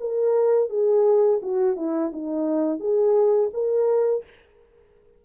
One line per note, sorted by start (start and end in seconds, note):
0.00 0.70 A#4
0.70 1.40 G#4
1.42 1.76 F#4
1.76 2.12 E4
2.12 2.80 D#4
2.80 3.50 G#4
3.54 4.24 A#4